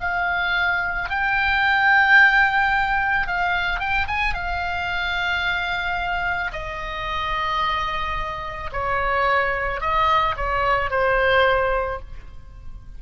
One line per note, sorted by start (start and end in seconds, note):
0.00 1.09 F5
1.09 3.27 G5
3.27 3.79 F5
3.79 4.07 G5
4.08 4.33 G#5
4.33 6.52 F5
6.52 8.70 D#5
8.72 9.80 C#5
9.80 10.35 D#5
10.36 10.90 C#5
10.90 11.99 C5